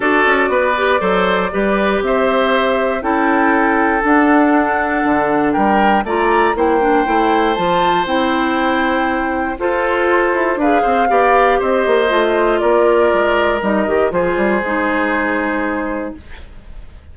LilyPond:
<<
  \new Staff \with { instrumentName = "flute" } { \time 4/4 \tempo 4 = 119 d''1 | e''2 g''2 | fis''2. g''4 | ais''4 g''2 a''4 |
g''2. c''4~ | c''4 f''2 dis''4~ | dis''4 d''2 dis''4 | c''1 | }
  \new Staff \with { instrumentName = "oboe" } { \time 4/4 a'4 b'4 c''4 b'4 | c''2 a'2~ | a'2. ais'4 | d''4 c''2.~ |
c''2. a'4~ | a'4 b'8 c''8 d''4 c''4~ | c''4 ais'2. | gis'1 | }
  \new Staff \with { instrumentName = "clarinet" } { \time 4/4 fis'4. g'8 a'4 g'4~ | g'2 e'2 | d'1 | f'4 e'8 d'8 e'4 f'4 |
e'2. f'4~ | f'4 gis'4 g'2 | f'2. dis'8 g'8 | f'4 dis'2. | }
  \new Staff \with { instrumentName = "bassoon" } { \time 4/4 d'8 cis'8 b4 fis4 g4 | c'2 cis'2 | d'2 d4 g4 | a4 ais4 a4 f4 |
c'2. f'4~ | f'8 e'8 d'8 c'8 b4 c'8 ais8 | a4 ais4 gis4 g8 dis8 | f8 g8 gis2. | }
>>